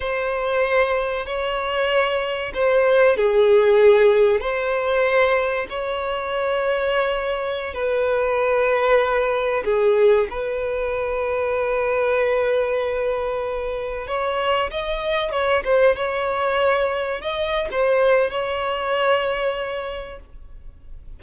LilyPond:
\new Staff \with { instrumentName = "violin" } { \time 4/4 \tempo 4 = 95 c''2 cis''2 | c''4 gis'2 c''4~ | c''4 cis''2.~ | cis''16 b'2. gis'8.~ |
gis'16 b'2.~ b'8.~ | b'2~ b'16 cis''4 dis''8.~ | dis''16 cis''8 c''8 cis''2 dis''8. | c''4 cis''2. | }